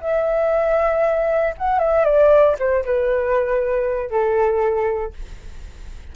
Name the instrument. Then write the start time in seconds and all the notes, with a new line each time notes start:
flute
0.00 E5
1.57 F#5
1.79 E5
2.04 D5
2.59 C5
2.85 B4
4.10 A4